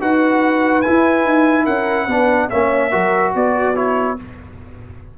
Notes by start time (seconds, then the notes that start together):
0.00 D#4 F#4 B4 F#5
0.82 E4 G#5
0.88 E4
1.25 D#4
1.65 C#4 A#4 F#5
2.07 B3 D4 B4
2.50 A#3 C#4 C#5 E5
2.91 F#3 F#4 A#4
3.35 B3 F#4 D5
3.75 E4 C#5